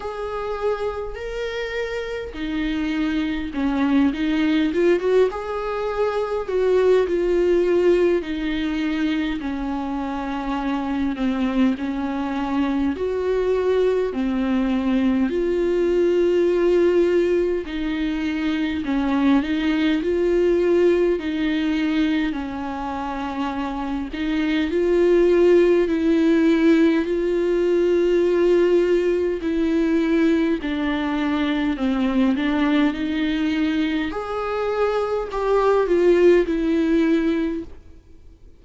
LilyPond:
\new Staff \with { instrumentName = "viola" } { \time 4/4 \tempo 4 = 51 gis'4 ais'4 dis'4 cis'8 dis'8 | f'16 fis'16 gis'4 fis'8 f'4 dis'4 | cis'4. c'8 cis'4 fis'4 | c'4 f'2 dis'4 |
cis'8 dis'8 f'4 dis'4 cis'4~ | cis'8 dis'8 f'4 e'4 f'4~ | f'4 e'4 d'4 c'8 d'8 | dis'4 gis'4 g'8 f'8 e'4 | }